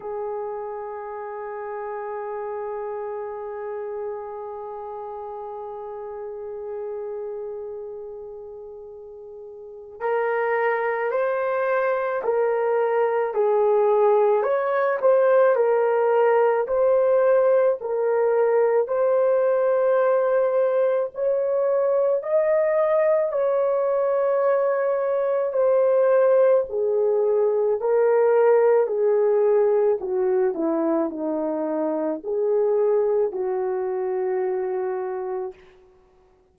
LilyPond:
\new Staff \with { instrumentName = "horn" } { \time 4/4 \tempo 4 = 54 gis'1~ | gis'1~ | gis'4 ais'4 c''4 ais'4 | gis'4 cis''8 c''8 ais'4 c''4 |
ais'4 c''2 cis''4 | dis''4 cis''2 c''4 | gis'4 ais'4 gis'4 fis'8 e'8 | dis'4 gis'4 fis'2 | }